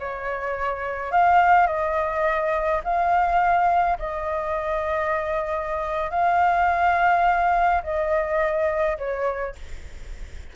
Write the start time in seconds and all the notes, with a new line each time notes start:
0.00 C#5
1.12 F5
1.67 D#5
2.84 F5
3.99 D#5
6.11 F5
7.84 D#5
8.98 C#5